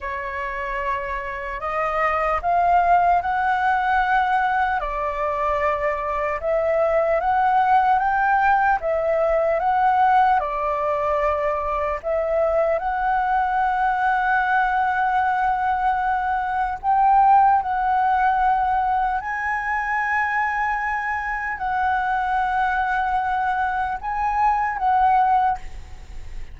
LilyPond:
\new Staff \with { instrumentName = "flute" } { \time 4/4 \tempo 4 = 75 cis''2 dis''4 f''4 | fis''2 d''2 | e''4 fis''4 g''4 e''4 | fis''4 d''2 e''4 |
fis''1~ | fis''4 g''4 fis''2 | gis''2. fis''4~ | fis''2 gis''4 fis''4 | }